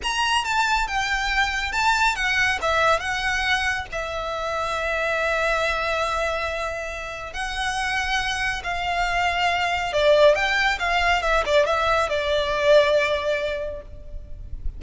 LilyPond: \new Staff \with { instrumentName = "violin" } { \time 4/4 \tempo 4 = 139 ais''4 a''4 g''2 | a''4 fis''4 e''4 fis''4~ | fis''4 e''2.~ | e''1~ |
e''4 fis''2. | f''2. d''4 | g''4 f''4 e''8 d''8 e''4 | d''1 | }